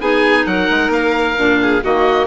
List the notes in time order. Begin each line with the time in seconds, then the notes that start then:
0.00 B3 D#4 G#4 G#5
0.45 F#3 A#4 F#5
0.70 G#3
0.89 A#3 F5
1.37 A#2 D4
1.62 G#4
1.84 D#3 A#3 F#4 D#5